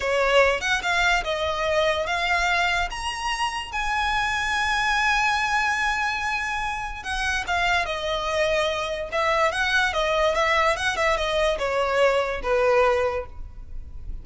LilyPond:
\new Staff \with { instrumentName = "violin" } { \time 4/4 \tempo 4 = 145 cis''4. fis''8 f''4 dis''4~ | dis''4 f''2 ais''4~ | ais''4 gis''2.~ | gis''1~ |
gis''4 fis''4 f''4 dis''4~ | dis''2 e''4 fis''4 | dis''4 e''4 fis''8 e''8 dis''4 | cis''2 b'2 | }